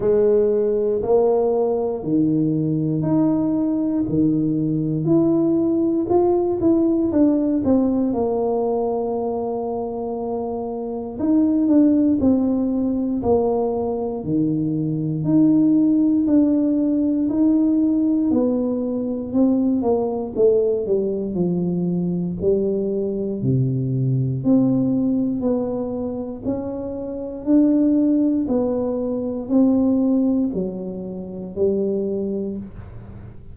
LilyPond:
\new Staff \with { instrumentName = "tuba" } { \time 4/4 \tempo 4 = 59 gis4 ais4 dis4 dis'4 | dis4 e'4 f'8 e'8 d'8 c'8 | ais2. dis'8 d'8 | c'4 ais4 dis4 dis'4 |
d'4 dis'4 b4 c'8 ais8 | a8 g8 f4 g4 c4 | c'4 b4 cis'4 d'4 | b4 c'4 fis4 g4 | }